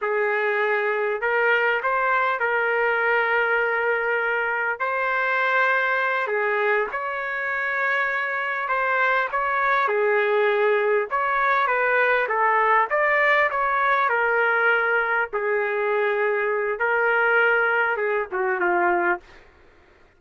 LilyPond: \new Staff \with { instrumentName = "trumpet" } { \time 4/4 \tempo 4 = 100 gis'2 ais'4 c''4 | ais'1 | c''2~ c''8 gis'4 cis''8~ | cis''2~ cis''8 c''4 cis''8~ |
cis''8 gis'2 cis''4 b'8~ | b'8 a'4 d''4 cis''4 ais'8~ | ais'4. gis'2~ gis'8 | ais'2 gis'8 fis'8 f'4 | }